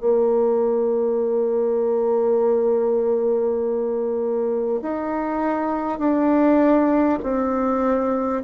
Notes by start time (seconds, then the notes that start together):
0.00 A#3
4.82 D#4
5.98 D4
7.22 C4